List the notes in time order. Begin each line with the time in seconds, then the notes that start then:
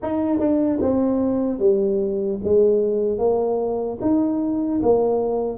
0.02 D#4
0.39 D4
0.81 C4
1.59 G3
2.44 G#3
3.18 A#3
4.01 D#4
4.82 A#3